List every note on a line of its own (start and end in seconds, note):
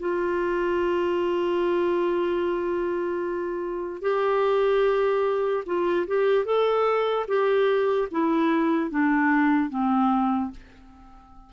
0.00 4.02 F4
4.02 5.64 G4
5.66 6.07 F4
6.07 6.45 G4
6.45 7.26 A4
7.28 8.09 G4
8.12 8.91 E4
8.91 9.70 D4
9.70 10.51 C4